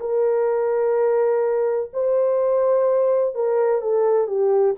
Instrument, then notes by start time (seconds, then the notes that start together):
horn
0.00 A#4
1.93 C5
3.35 A#4
3.81 A4
4.27 G4